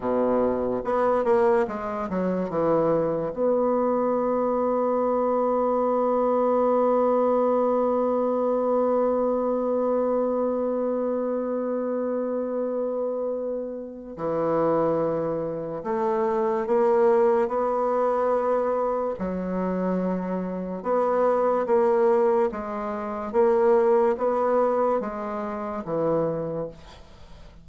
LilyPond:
\new Staff \with { instrumentName = "bassoon" } { \time 4/4 \tempo 4 = 72 b,4 b8 ais8 gis8 fis8 e4 | b1~ | b1~ | b1~ |
b4 e2 a4 | ais4 b2 fis4~ | fis4 b4 ais4 gis4 | ais4 b4 gis4 e4 | }